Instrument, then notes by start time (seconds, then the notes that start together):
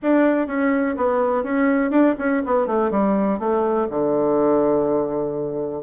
bassoon
0.02 D4
0.47 C#4
0.96 B3
1.43 C#4
1.90 D4
2.18 C#4
2.45 B3
2.66 A3
2.90 G3
3.39 A3
3.90 D3